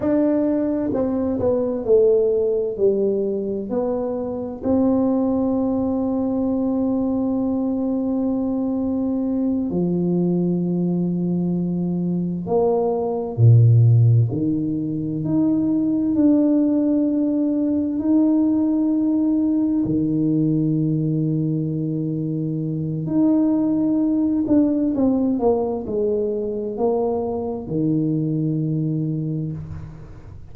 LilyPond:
\new Staff \with { instrumentName = "tuba" } { \time 4/4 \tempo 4 = 65 d'4 c'8 b8 a4 g4 | b4 c'2.~ | c'2~ c'8 f4.~ | f4. ais4 ais,4 dis8~ |
dis8 dis'4 d'2 dis'8~ | dis'4. dis2~ dis8~ | dis4 dis'4. d'8 c'8 ais8 | gis4 ais4 dis2 | }